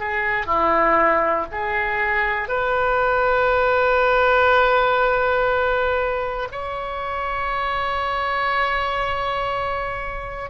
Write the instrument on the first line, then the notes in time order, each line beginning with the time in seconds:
oboe
0.00 G#4
0.46 E4
1.52 G#4
2.49 B4
6.52 C#5